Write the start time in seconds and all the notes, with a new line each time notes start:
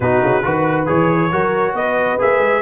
0.00 B2 D#4 F#4 B4
0.22 C#3
0.43 D#3 F#4 B4
0.86 E3 G#4 C#5
1.31 F#3 F#4 A#4
1.73 B3 B4 D#5
2.19 A#3 G#4 E5
2.38 G#3